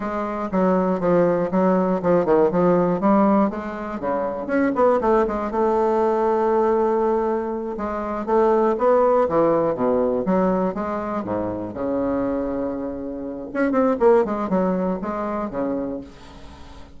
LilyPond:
\new Staff \with { instrumentName = "bassoon" } { \time 4/4 \tempo 4 = 120 gis4 fis4 f4 fis4 | f8 dis8 f4 g4 gis4 | cis4 cis'8 b8 a8 gis8 a4~ | a2.~ a8 gis8~ |
gis8 a4 b4 e4 b,8~ | b,8 fis4 gis4 gis,4 cis8~ | cis2. cis'8 c'8 | ais8 gis8 fis4 gis4 cis4 | }